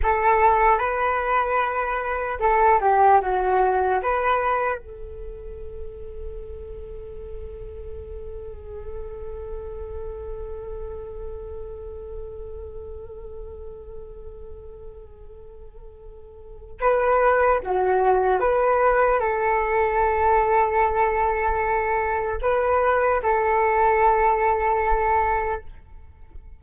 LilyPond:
\new Staff \with { instrumentName = "flute" } { \time 4/4 \tempo 4 = 75 a'4 b'2 a'8 g'8 | fis'4 b'4 a'2~ | a'1~ | a'1~ |
a'1~ | a'4 b'4 fis'4 b'4 | a'1 | b'4 a'2. | }